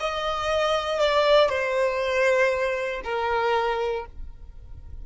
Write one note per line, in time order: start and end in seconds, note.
0.00 0.99 D#5
0.99 1.49 D5
1.49 3.01 C5
3.04 4.05 A#4